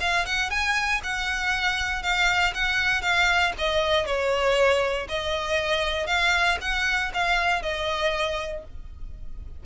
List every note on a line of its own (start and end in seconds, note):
0.00 0.25 F5
0.25 0.50 F#5
0.50 1.01 G#5
1.03 2.02 F#5
2.02 2.53 F5
2.54 3.02 F#5
3.02 3.52 F5
3.58 4.05 D#5
4.05 5.07 C#5
5.08 6.06 D#5
6.06 6.57 F5
6.61 7.12 F#5
7.13 7.62 F5
7.62 8.63 D#5